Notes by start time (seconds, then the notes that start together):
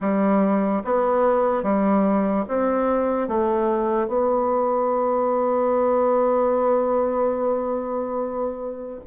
0.00 G3
0.84 B3
1.63 G3
2.48 C4
3.28 A3
4.07 B3